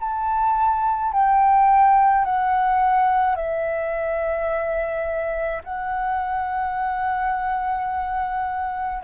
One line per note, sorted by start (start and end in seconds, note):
0.00 1.13 A5
1.13 2.25 G5
2.25 3.36 F#5
3.36 5.62 E5
5.64 9.04 F#5